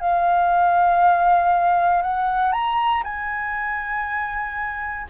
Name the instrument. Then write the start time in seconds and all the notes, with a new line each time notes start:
flute
0.00 F5
2.02 F#5
2.52 A#5
3.03 G#5